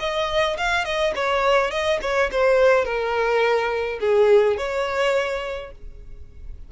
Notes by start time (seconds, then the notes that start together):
0.00 D#5
0.58 F5
0.85 D#5
1.16 C#5
1.71 D#5
2.02 C#5
2.32 C5
2.85 A#4
4.01 G#4
4.58 C#5